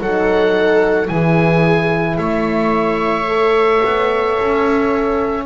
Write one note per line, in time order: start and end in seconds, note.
0.00 1.09 F#3
0.00 1.06 D#4
0.00 1.10 A4
0.00 1.08 F#5
1.06 2.18 E3
1.06 3.24 E4
1.06 2.19 G#4
1.06 2.17 G#5
2.17 3.82 A3
2.17 5.46 C#5
2.17 5.44 E5
3.28 5.46 A4
3.85 4.40 B3
4.40 5.46 C#4